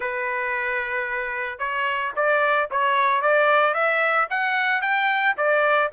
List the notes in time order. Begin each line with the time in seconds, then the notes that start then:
0.00 B4
1.59 C#5
2.16 D5
2.71 C#5
3.21 D5
3.74 E5
4.30 F#5
4.81 G5
5.37 D5